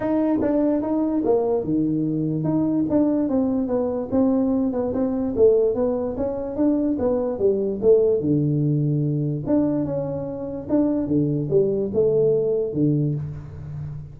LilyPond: \new Staff \with { instrumentName = "tuba" } { \time 4/4 \tempo 4 = 146 dis'4 d'4 dis'4 ais4 | dis2 dis'4 d'4 | c'4 b4 c'4. b8 | c'4 a4 b4 cis'4 |
d'4 b4 g4 a4 | d2. d'4 | cis'2 d'4 d4 | g4 a2 d4 | }